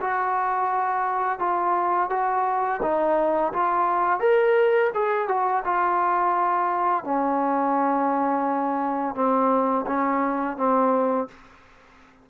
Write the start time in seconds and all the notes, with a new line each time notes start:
0.00 F#4
1.39 F4
2.10 F#4
2.82 D#4
3.53 F4
4.19 A#4
4.94 G#4
5.28 F#4
5.64 F4
7.04 C#4
9.14 C4
9.86 C#4
10.57 C4